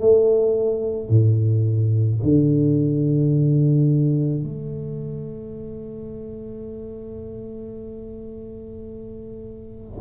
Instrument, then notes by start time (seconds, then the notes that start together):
tuba
0.00 A3
1.09 A2
2.23 D3
4.44 A3